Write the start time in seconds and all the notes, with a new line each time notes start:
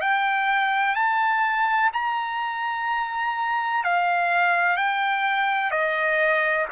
0.00 G5
0.95 A5
1.93 A#5
3.83 F5
4.76 G5
5.71 D#5